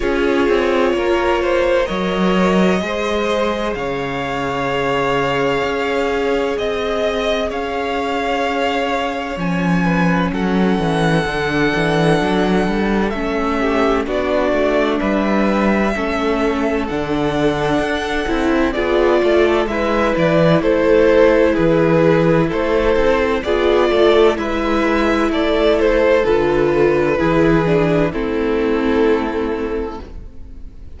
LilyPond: <<
  \new Staff \with { instrumentName = "violin" } { \time 4/4 \tempo 4 = 64 cis''2 dis''2 | f''2. dis''4 | f''2 gis''4 fis''4~ | fis''2 e''4 d''4 |
e''2 fis''2 | d''4 e''8 d''8 c''4 b'4 | c''4 d''4 e''4 d''8 c''8 | b'2 a'2 | }
  \new Staff \with { instrumentName = "violin" } { \time 4/4 gis'4 ais'8 c''8 cis''4 c''4 | cis''2. dis''4 | cis''2~ cis''8 b'8 a'4~ | a'2~ a'8 g'8 fis'4 |
b'4 a'2. | gis'8 a'8 b'4 a'4 gis'4 | a'4 gis'8 a'8 b'4 a'4~ | a'4 gis'4 e'2 | }
  \new Staff \with { instrumentName = "viola" } { \time 4/4 f'2 ais'4 gis'4~ | gis'1~ | gis'2 cis'2 | d'2 cis'4 d'4~ |
d'4 cis'4 d'4. e'8 | f'4 e'2.~ | e'4 f'4 e'2 | f'4 e'8 d'8 c'2 | }
  \new Staff \with { instrumentName = "cello" } { \time 4/4 cis'8 c'8 ais4 fis4 gis4 | cis2 cis'4 c'4 | cis'2 f4 fis8 e8 | d8 e8 fis8 g8 a4 b8 a8 |
g4 a4 d4 d'8 c'8 | b8 a8 gis8 e8 a4 e4 | a8 c'8 b8 a8 gis4 a4 | d4 e4 a2 | }
>>